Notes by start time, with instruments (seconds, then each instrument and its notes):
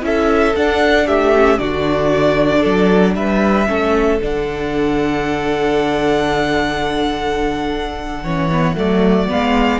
0.00 cello C#4, viola E4, violin A4 E5
0.56 cello D4, viola D4, violin F#5
1.07 cello A3, violin G4 E5
1.35 viola C#4
1.58 cello D3, viola D4, violin F#4 D5
2.60 cello F#3, violin A4
3.15 cello G3, violin B4 E5
3.67 cello A3, viola C#4, violin A4
4.21 cello D3, viola D4, violin F#5
8.23 cello E3, viola C#4, violin C#5
8.51 viola B3
8.76 cello F#3, viola A3, violin D5
9.28 cello G#3, viola B3, violin F5